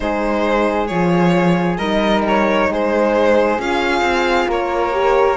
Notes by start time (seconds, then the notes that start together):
0.00 G#3 D#4 G#4 C5
0.87 F3 F4 C#5
1.77 G3 D#4 A#4 D#5
2.27 C#5
2.69 G#3 G#4 C5
3.58 C#4 F4 F5
4.01 C4
4.48 A#3 A#4 C#5
4.91 G4